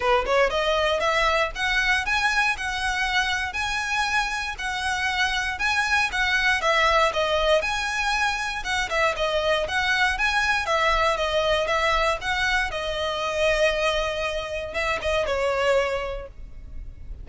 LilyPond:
\new Staff \with { instrumentName = "violin" } { \time 4/4 \tempo 4 = 118 b'8 cis''8 dis''4 e''4 fis''4 | gis''4 fis''2 gis''4~ | gis''4 fis''2 gis''4 | fis''4 e''4 dis''4 gis''4~ |
gis''4 fis''8 e''8 dis''4 fis''4 | gis''4 e''4 dis''4 e''4 | fis''4 dis''2.~ | dis''4 e''8 dis''8 cis''2 | }